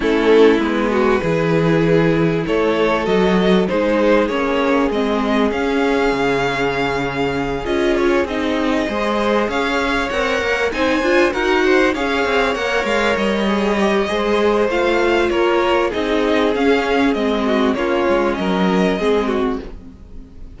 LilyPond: <<
  \new Staff \with { instrumentName = "violin" } { \time 4/4 \tempo 4 = 98 a'4 b'2. | cis''4 dis''4 c''4 cis''4 | dis''4 f''2.~ | f''8 dis''8 cis''8 dis''2 f''8~ |
f''8 fis''4 gis''4 fis''4 f''8~ | f''8 fis''8 f''8 dis''2~ dis''8 | f''4 cis''4 dis''4 f''4 | dis''4 cis''4 dis''2 | }
  \new Staff \with { instrumentName = "violin" } { \time 4/4 e'4. fis'8 gis'2 | a'2 gis'2~ | gis'1~ | gis'2~ gis'8 c''4 cis''8~ |
cis''4. c''4 ais'8 c''8 cis''8~ | cis''2. c''4~ | c''4 ais'4 gis'2~ | gis'8 fis'8 f'4 ais'4 gis'8 fis'8 | }
  \new Staff \with { instrumentName = "viola" } { \time 4/4 cis'4 b4 e'2~ | e'4 fis'4 dis'4 cis'4 | c'4 cis'2.~ | cis'8 f'4 dis'4 gis'4.~ |
gis'8 ais'4 dis'8 f'8 fis'4 gis'8~ | gis'8 ais'4. gis'8 g'8 gis'4 | f'2 dis'4 cis'4 | c'4 cis'2 c'4 | }
  \new Staff \with { instrumentName = "cello" } { \time 4/4 a4 gis4 e2 | a4 fis4 gis4 ais4 | gis4 cis'4 cis2~ | cis8 cis'4 c'4 gis4 cis'8~ |
cis'8 c'8 ais8 c'8 d'8 dis'4 cis'8 | c'8 ais8 gis8 g4. gis4 | a4 ais4 c'4 cis'4 | gis4 ais8 gis8 fis4 gis4 | }
>>